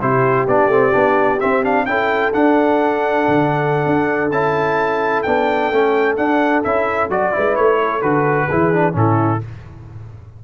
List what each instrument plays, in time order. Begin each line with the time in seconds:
0.00 tuba C3, trombone E4, horn G4, trumpet C5
0.47 tuba B3, trombone D4, trumpet D5
0.67 tuba A3, trombone C4
0.92 tuba B3, trombone D4
1.40 trombone C4, tuba C4, trumpet E5
1.63 trombone D4, trumpet F5
1.86 tuba C#4, trombone E4, horn A4, trumpet G5
2.33 trombone D4, tuba D4, trumpet F#5
3.28 tuba D3
3.86 tuba D4
4.30 tuba C#4, trombone E4, trumpet A5
5.22 tuba B3, trombone D4, trumpet G5
5.72 tuba A3, trombone C#4
6.16 trombone D4, tuba D4, trumpet F#5
6.64 tuba C#4, trombone E4, trumpet E5
7.09 tuba F#3, trombone F#4, trumpet D5
7.32 tuba G#3, trombone E4, horn B4
7.56 tuba A3, trumpet C#5
7.82 horn A4
8.02 tuba D3, trombone F#4, trumpet B4
8.47 tuba E3, trombone E4, horn G#4
8.72 trombone D4
8.92 tuba A2, trombone C#4, horn E4, trumpet A4